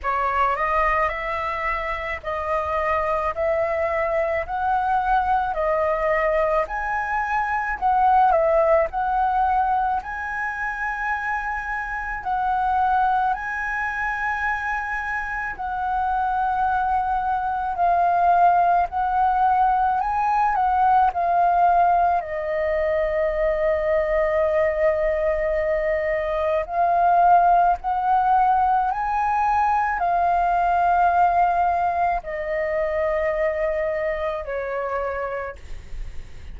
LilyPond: \new Staff \with { instrumentName = "flute" } { \time 4/4 \tempo 4 = 54 cis''8 dis''8 e''4 dis''4 e''4 | fis''4 dis''4 gis''4 fis''8 e''8 | fis''4 gis''2 fis''4 | gis''2 fis''2 |
f''4 fis''4 gis''8 fis''8 f''4 | dis''1 | f''4 fis''4 gis''4 f''4~ | f''4 dis''2 cis''4 | }